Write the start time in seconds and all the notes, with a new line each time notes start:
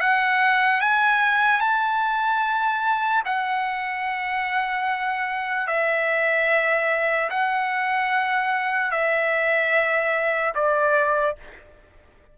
0.00 F#5
0.80 G#5
1.60 A5
3.25 F#5
5.67 E5
7.30 F#5
8.91 E5
10.54 D5